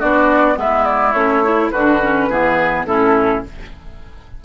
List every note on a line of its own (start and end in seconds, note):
0.00 0.57 B3
0.00 0.56 D4
0.00 0.57 F#4
0.00 0.58 D5
0.56 1.14 G#3
0.56 1.13 B3
0.56 1.72 E4
0.56 0.85 E5
0.85 1.13 D5
1.13 1.71 A3
1.13 1.44 C#4
1.13 1.70 C#5
1.44 1.73 E4
1.71 2.29 D3
1.71 2.03 D4
1.71 2.29 F#4
1.71 2.86 B4
2.03 2.31 C#4
2.29 2.85 E3
2.29 2.88 B3
2.29 2.87 G#4
2.85 3.42 A2
2.85 3.45 C#4
2.85 3.45 E4
2.85 3.44 A4